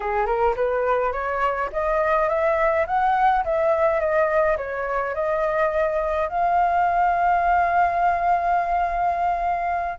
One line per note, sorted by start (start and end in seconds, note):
0.00 0.26 G#4
0.26 0.54 A#4
0.56 1.12 B4
1.12 1.69 C#5
1.72 2.28 D#5
2.28 2.85 E5
2.86 3.44 F#5
3.44 3.99 E5
3.99 4.57 D#5
4.57 5.14 C#5
5.14 6.28 D#5
6.29 9.98 F5